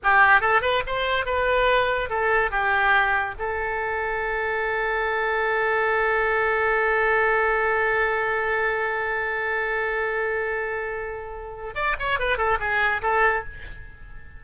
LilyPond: \new Staff \with { instrumentName = "oboe" } { \time 4/4 \tempo 4 = 143 g'4 a'8 b'8 c''4 b'4~ | b'4 a'4 g'2 | a'1~ | a'1~ |
a'1~ | a'1~ | a'1 | d''8 cis''8 b'8 a'8 gis'4 a'4 | }